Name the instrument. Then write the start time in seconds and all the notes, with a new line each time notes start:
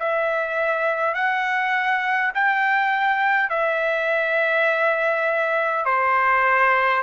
trumpet
0.00 E5
1.14 F#5
2.35 G5
3.50 E5
5.86 C5